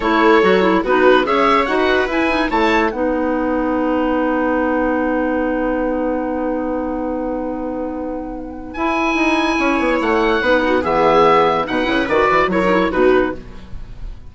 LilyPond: <<
  \new Staff \with { instrumentName = "oboe" } { \time 4/4 \tempo 4 = 144 cis''2 b'4 e''4 | fis''4 gis''4 a''4 fis''4~ | fis''1~ | fis''1~ |
fis''1~ | fis''4 gis''2. | fis''2 e''2 | fis''4 d''4 cis''4 b'4 | }
  \new Staff \with { instrumentName = "viola" } { \time 4/4 a'2 fis'4 cis''4~ | cis''16 b'4.~ b'16 cis''4 b'4~ | b'1~ | b'1~ |
b'1~ | b'2. cis''4~ | cis''4 b'8 fis'8 gis'2 | b'2 ais'4 fis'4 | }
  \new Staff \with { instrumentName = "clarinet" } { \time 4/4 e'4 fis'8 e'8 dis'4 gis'4 | fis'4 e'8 dis'8 e'4 dis'4~ | dis'1~ | dis'1~ |
dis'1~ | dis'4 e'2.~ | e'4 dis'4 b2 | dis'8 e'8 fis'4 e'16 dis'16 e'8 dis'4 | }
  \new Staff \with { instrumentName = "bassoon" } { \time 4/4 a4 fis4 b4 cis'4 | dis'4 e'4 a4 b4~ | b1~ | b1~ |
b1~ | b4 e'4 dis'4 cis'8 b8 | a4 b4 e2 | b,8 cis8 dis8 e8 fis4 b,4 | }
>>